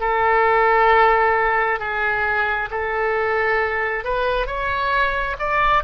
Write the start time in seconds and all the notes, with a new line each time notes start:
0.00 A4
1.79 G#4
2.70 A4
4.04 B4
4.47 C#5
5.39 D5